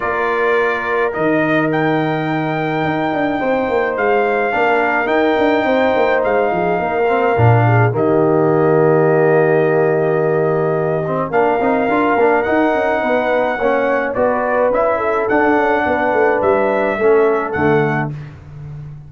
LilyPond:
<<
  \new Staff \with { instrumentName = "trumpet" } { \time 4/4 \tempo 4 = 106 d''2 dis''4 g''4~ | g''2. f''4~ | f''4 g''2 f''4~ | f''2 dis''2~ |
dis''1 | f''2 fis''2~ | fis''4 d''4 e''4 fis''4~ | fis''4 e''2 fis''4 | }
  \new Staff \with { instrumentName = "horn" } { \time 4/4 ais'1~ | ais'2 c''2 | ais'2 c''4. gis'8 | ais'4. gis'8 g'2~ |
g'1 | ais'2. b'4 | cis''4 b'4. a'4. | b'2 a'2 | }
  \new Staff \with { instrumentName = "trombone" } { \time 4/4 f'2 dis'2~ | dis'1 | d'4 dis'2.~ | dis'8 c'8 d'4 ais2~ |
ais2.~ ais8 c'8 | d'8 dis'8 f'8 d'8 dis'2 | cis'4 fis'4 e'4 d'4~ | d'2 cis'4 a4 | }
  \new Staff \with { instrumentName = "tuba" } { \time 4/4 ais2 dis2~ | dis4 dis'8 d'8 c'8 ais8 gis4 | ais4 dis'8 d'8 c'8 ais8 gis8 f8 | ais4 ais,4 dis2~ |
dis1 | ais8 c'8 d'8 ais8 dis'8 cis'8 b4 | ais4 b4 cis'4 d'8 cis'8 | b8 a8 g4 a4 d4 | }
>>